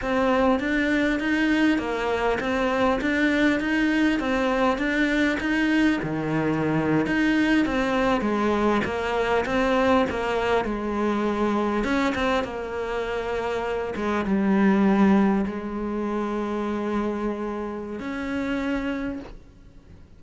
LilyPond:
\new Staff \with { instrumentName = "cello" } { \time 4/4 \tempo 4 = 100 c'4 d'4 dis'4 ais4 | c'4 d'4 dis'4 c'4 | d'4 dis'4 dis4.~ dis16 dis'16~ | dis'8. c'4 gis4 ais4 c'16~ |
c'8. ais4 gis2 cis'16~ | cis'16 c'8 ais2~ ais8 gis8 g16~ | g4.~ g16 gis2~ gis16~ | gis2 cis'2 | }